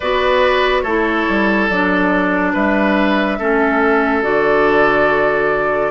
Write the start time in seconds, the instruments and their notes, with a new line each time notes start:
0.00 bassoon B3, clarinet F#4, oboe B4, flute D5
0.81 bassoon A3, clarinet E4, oboe A4, flute C#5
1.28 bassoon G3
1.69 bassoon F#3, clarinet D4, flute D5
2.53 bassoon G3, oboe B4, flute E5
3.38 bassoon A3, clarinet C#4, oboe A4
4.22 bassoon D3, clarinet F#4, flute D5